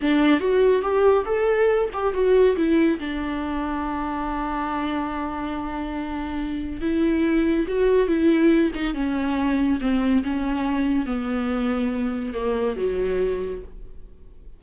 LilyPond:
\new Staff \with { instrumentName = "viola" } { \time 4/4 \tempo 4 = 141 d'4 fis'4 g'4 a'4~ | a'8 g'8 fis'4 e'4 d'4~ | d'1~ | d'1 |
e'2 fis'4 e'4~ | e'8 dis'8 cis'2 c'4 | cis'2 b2~ | b4 ais4 fis2 | }